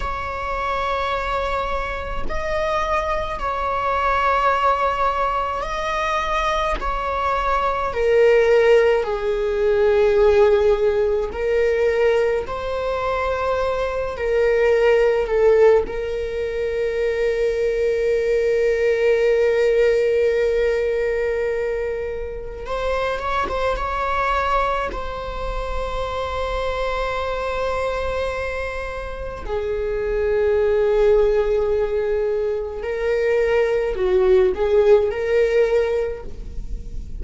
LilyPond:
\new Staff \with { instrumentName = "viola" } { \time 4/4 \tempo 4 = 53 cis''2 dis''4 cis''4~ | cis''4 dis''4 cis''4 ais'4 | gis'2 ais'4 c''4~ | c''8 ais'4 a'8 ais'2~ |
ais'1 | c''8 cis''16 c''16 cis''4 c''2~ | c''2 gis'2~ | gis'4 ais'4 fis'8 gis'8 ais'4 | }